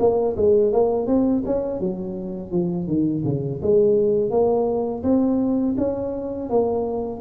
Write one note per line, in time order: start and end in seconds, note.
0.00 0.36 A#3
0.37 0.73 G#3
0.73 1.07 A#3
1.07 1.44 C4
1.46 1.80 C#4
1.80 2.52 F#3
2.52 2.88 F3
2.88 3.24 D#3
3.25 3.61 C#3
3.62 4.31 G#3
4.31 5.03 A#3
5.04 5.76 C4
5.78 6.50 C#4
6.50 7.21 A#3